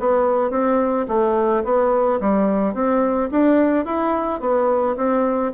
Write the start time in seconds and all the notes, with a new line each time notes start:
0.00 B3
0.51 C4
1.08 A3
1.64 B3
2.21 G3
2.74 C4
3.31 D4
3.85 E4
4.41 B3
4.97 C4